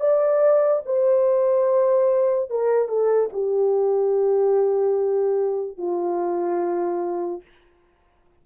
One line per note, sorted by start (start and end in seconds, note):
0.00 0.82 D5
0.86 2.50 C5
2.50 2.89 A#4
2.89 3.30 A4
3.33 5.78 G4
5.78 7.42 F4